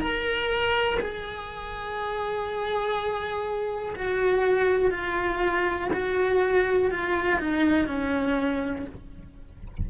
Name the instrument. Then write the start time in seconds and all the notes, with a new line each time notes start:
cello
0.00 A#4
1.00 G#4
3.96 F#4
4.91 F4
5.93 F#4
6.91 F4
7.39 D#4
7.87 C#4